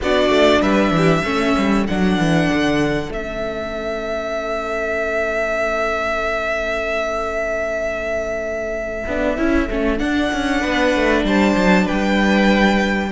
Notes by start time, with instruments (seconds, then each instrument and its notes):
0.00 cello B3, viola D4, violin F#4 D5
0.29 cello A3
0.60 cello G3, violin B4 E5
0.90 cello E3
0.96 violin G4
1.23 cello A3, viola C#4, violin A4
1.57 cello G3
1.87 cello F#3, viola D4, violin F#5
2.18 cello E3
2.52 cello D3
3.09 cello A3, viola C#4, violin E5
9.06 cello B3, viola D4
9.37 cello C#4, viola E4
9.69 cello A3, viola C#4
9.98 viola D4, cello D4, violin F#5
10.32 cello C#4
10.60 cello B3, violin B4
10.95 cello A3
11.23 cello G3, violin C5 A5
11.55 cello F#3
11.84 violin B4 G5
11.90 cello G3